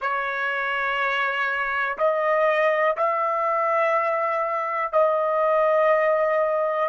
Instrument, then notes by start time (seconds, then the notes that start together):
trumpet
0.00 C#5
1.98 D#5
2.96 E5
4.92 D#5